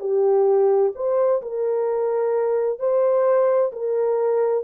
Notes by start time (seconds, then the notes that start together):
0.00 G4
0.96 C5
1.42 A#4
2.79 C5
3.73 A#4